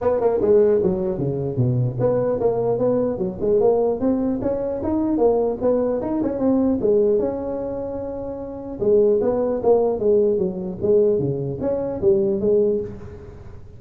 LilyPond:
\new Staff \with { instrumentName = "tuba" } { \time 4/4 \tempo 4 = 150 b8 ais8 gis4 fis4 cis4 | b,4 b4 ais4 b4 | fis8 gis8 ais4 c'4 cis'4 | dis'4 ais4 b4 dis'8 cis'8 |
c'4 gis4 cis'2~ | cis'2 gis4 b4 | ais4 gis4 fis4 gis4 | cis4 cis'4 g4 gis4 | }